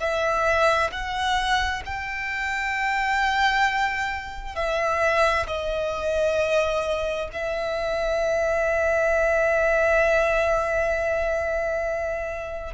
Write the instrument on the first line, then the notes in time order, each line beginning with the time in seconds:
violin
0.00 E5
0.92 F#5
1.86 G5
4.56 E5
5.47 D#5
7.33 E5